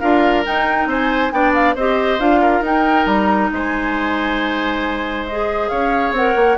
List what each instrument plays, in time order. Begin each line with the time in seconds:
0.00 bassoon D4, clarinet F4, oboe A#4, flute F5
0.45 clarinet D#4, bassoon D#4, flute G5
0.87 bassoon C4, oboe C5, flute G#5
1.32 bassoon B3, clarinet D4, oboe D5, flute G5
1.54 flute F5
1.75 bassoon C4, clarinet G4, oboe C5, flute D#5
2.20 bassoon D4, clarinet F4, flute F5
2.42 oboe A#4
2.61 bassoon D#4, clarinet D#4, flute G5
3.06 bassoon G3, flute A#5
3.52 bassoon G#3, oboe C5, flute G#5
5.27 clarinet G#4, flute D#5
5.69 bassoon C#4, oboe C#5, flute F5
6.12 bassoon C4, clarinet A#4, flute F#5
6.36 bassoon A#3